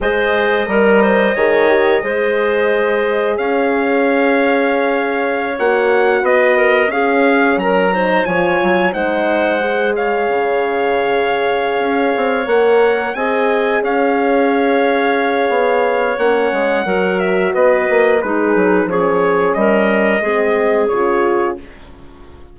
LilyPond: <<
  \new Staff \with { instrumentName = "trumpet" } { \time 4/4 \tempo 4 = 89 dis''1~ | dis''4 f''2.~ | f''16 fis''4 dis''4 f''4 ais''8.~ | ais''16 gis''4 fis''4. f''4~ f''16~ |
f''2~ f''8 fis''4 gis''8~ | gis''8 f''2.~ f''8 | fis''4. e''8 dis''4 b'4 | cis''4 dis''2 cis''4 | }
  \new Staff \with { instrumentName = "clarinet" } { \time 4/4 c''4 ais'8 c''8 cis''4 c''4~ | c''4 cis''2.~ | cis''4~ cis''16 b'8 ais'8 gis'4 ais'8 c''16~ | c''16 cis''4 c''4. cis''4~ cis''16~ |
cis''2.~ cis''8 dis''8~ | dis''8 cis''2.~ cis''8~ | cis''4 ais'4 b'4 dis'4 | gis'4 ais'4 gis'2 | }
  \new Staff \with { instrumentName = "horn" } { \time 4/4 gis'4 ais'4 gis'8 g'8 gis'4~ | gis'1~ | gis'16 fis'2 cis'4. dis'16~ | dis'16 f'4 dis'4 gis'4.~ gis'16~ |
gis'2~ gis'8 ais'4 gis'8~ | gis'1 | cis'4 fis'2 gis'4 | cis'2 c'4 f'4 | }
  \new Staff \with { instrumentName = "bassoon" } { \time 4/4 gis4 g4 dis4 gis4~ | gis4 cis'2.~ | cis'16 ais4 b4 cis'4 fis8.~ | fis16 f8 fis8 gis2 cis8.~ |
cis4. cis'8 c'8 ais4 c'8~ | c'8 cis'2~ cis'8 b4 | ais8 gis8 fis4 b8 ais8 gis8 fis8 | f4 g4 gis4 cis4 | }
>>